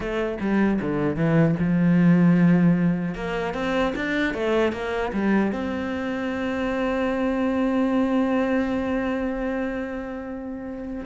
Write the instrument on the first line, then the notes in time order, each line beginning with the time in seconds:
cello
0.00 A3
0.40 G3
0.81 D3
1.16 E3
1.59 F3
3.14 A#3
3.53 C4
3.95 D4
4.33 A3
4.72 A#3
5.12 G3
5.52 C4